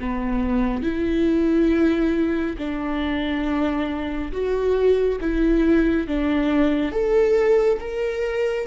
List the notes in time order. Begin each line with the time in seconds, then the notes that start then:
0.00 B3
0.83 E4
2.58 D4
4.32 F#4
5.21 E4
6.08 D4
6.92 A4
7.80 A#4